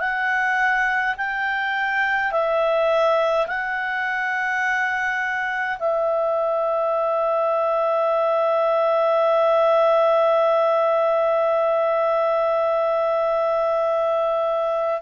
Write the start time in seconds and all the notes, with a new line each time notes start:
0.00 F#5
1.17 G5
2.32 E5
3.48 F#5
5.78 E5